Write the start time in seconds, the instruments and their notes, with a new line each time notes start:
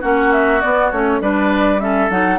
0.00 bassoon A#3, clarinet C#4, oboe F#4, flute F#5
0.32 flute E5
0.61 clarinet B3, bassoon B3, flute D5
0.91 bassoon A3, clarinet C#4, flute C#5
1.20 bassoon G3, clarinet D4, oboe B4, flute D5
1.79 clarinet C#4, oboe A4, flute E5
2.10 bassoon F#3, clarinet D#4, flute F#5